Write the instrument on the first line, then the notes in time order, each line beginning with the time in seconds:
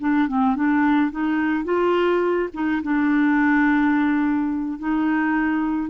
clarinet
0.00 D4
0.29 C4
0.56 D4
1.11 D#4
1.65 F4
2.54 D#4
2.83 D4
4.79 D#4